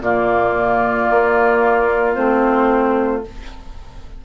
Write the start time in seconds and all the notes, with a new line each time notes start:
0.00 A#2 A#3 F4 D5
1.10 A#3
2.14 A3 C4 C5